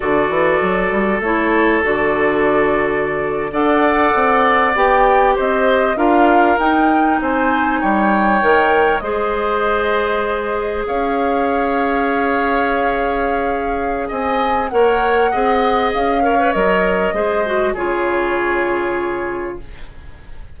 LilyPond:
<<
  \new Staff \with { instrumentName = "flute" } { \time 4/4 \tempo 4 = 98 d''2 cis''4 d''4~ | d''4.~ d''16 fis''2 g''16~ | g''8. dis''4 f''4 g''4 gis''16~ | gis''8. g''2 dis''4~ dis''16~ |
dis''4.~ dis''16 f''2~ f''16~ | f''2. gis''4 | fis''2 f''4 dis''4~ | dis''4 cis''2. | }
  \new Staff \with { instrumentName = "oboe" } { \time 4/4 a'1~ | a'4.~ a'16 d''2~ d''16~ | d''8. c''4 ais'2 c''16~ | c''8. cis''2 c''4~ c''16~ |
c''4.~ c''16 cis''2~ cis''16~ | cis''2. dis''4 | cis''4 dis''4. cis''4. | c''4 gis'2. | }
  \new Staff \with { instrumentName = "clarinet" } { \time 4/4 fis'2 e'4 fis'4~ | fis'4.~ fis'16 a'2 g'16~ | g'4.~ g'16 f'4 dis'4~ dis'16~ | dis'4.~ dis'16 ais'4 gis'4~ gis'16~ |
gis'1~ | gis'1 | ais'4 gis'4. ais'16 b'16 ais'4 | gis'8 fis'8 f'2. | }
  \new Staff \with { instrumentName = "bassoon" } { \time 4/4 d8 e8 fis8 g8 a4 d4~ | d4.~ d16 d'4 c'4 b16~ | b8. c'4 d'4 dis'4 c'16~ | c'8. g4 dis4 gis4~ gis16~ |
gis4.~ gis16 cis'2~ cis'16~ | cis'2. c'4 | ais4 c'4 cis'4 fis4 | gis4 cis2. | }
>>